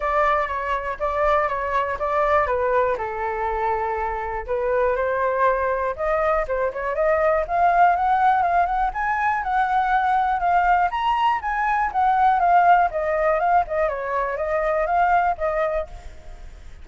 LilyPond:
\new Staff \with { instrumentName = "flute" } { \time 4/4 \tempo 4 = 121 d''4 cis''4 d''4 cis''4 | d''4 b'4 a'2~ | a'4 b'4 c''2 | dis''4 c''8 cis''8 dis''4 f''4 |
fis''4 f''8 fis''8 gis''4 fis''4~ | fis''4 f''4 ais''4 gis''4 | fis''4 f''4 dis''4 f''8 dis''8 | cis''4 dis''4 f''4 dis''4 | }